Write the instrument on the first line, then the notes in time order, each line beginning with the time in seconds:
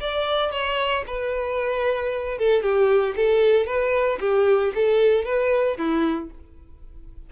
violin
0.00 D5
0.51 C#5
1.07 B4
2.39 A4
2.62 G4
3.16 A4
3.66 B4
4.20 G4
4.75 A4
5.25 B4
5.78 E4